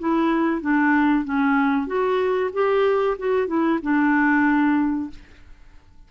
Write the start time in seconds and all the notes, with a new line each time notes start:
0.00 E4
0.62 D4
1.25 C#4
1.87 F#4
2.54 G4
3.19 F#4
3.48 E4
3.83 D4